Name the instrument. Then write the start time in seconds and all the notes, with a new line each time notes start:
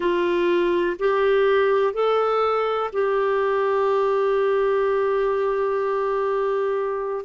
clarinet
0.00 F4
0.99 G4
1.94 A4
2.93 G4